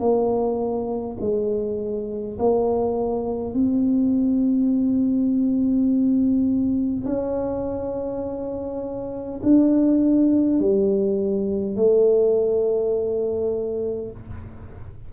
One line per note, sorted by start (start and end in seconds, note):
0.00 1.18 A#3
1.21 2.39 G#3
2.39 3.54 A#3
3.54 7.05 C4
7.05 9.41 C#4
9.43 10.60 D4
10.60 11.76 G3
11.76 14.11 A3